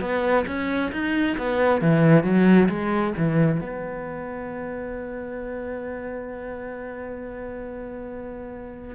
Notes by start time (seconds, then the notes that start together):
0.00 B3
0.47 C#4
0.92 D#4
1.38 B3
1.81 E3
2.23 F#3
2.69 G#3
3.17 E3
3.60 B3